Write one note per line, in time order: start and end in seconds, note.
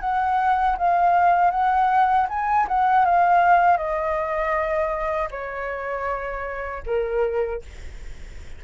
0.00 0.76 F#5
0.77 1.51 F5
1.51 2.27 F#5
2.29 2.67 G#5
2.68 3.05 F#5
3.05 3.77 F5
3.77 5.29 D#5
5.31 6.83 C#5
6.86 7.62 A#4